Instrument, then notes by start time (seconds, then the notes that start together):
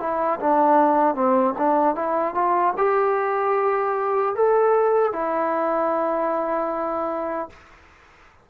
trombone
0.00 E4
0.40 D4
1.15 C4
1.58 D4
1.95 E4
2.35 F4
2.77 G4
4.35 A4
5.13 E4